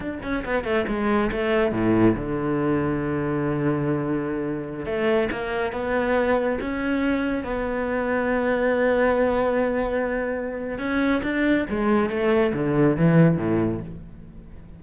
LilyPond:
\new Staff \with { instrumentName = "cello" } { \time 4/4 \tempo 4 = 139 d'8 cis'8 b8 a8 gis4 a4 | a,4 d2.~ | d2.~ d16 a8.~ | a16 ais4 b2 cis'8.~ |
cis'4~ cis'16 b2~ b8.~ | b1~ | b4 cis'4 d'4 gis4 | a4 d4 e4 a,4 | }